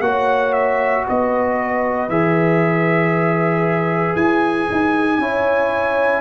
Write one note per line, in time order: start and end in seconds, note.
0.00 1.03 A#3
0.00 2.09 F#4
0.00 1.07 C#5
0.00 0.53 F#5
0.53 1.05 E5
1.07 2.08 B3
1.07 5.20 B4
1.07 2.09 D#5
2.08 4.15 E3
2.08 5.20 G#4
2.08 4.16 E5
4.16 4.67 E4
4.16 6.20 G#5
4.71 5.18 D#4
5.18 6.20 C#4
5.18 6.20 E4
5.18 6.20 C#5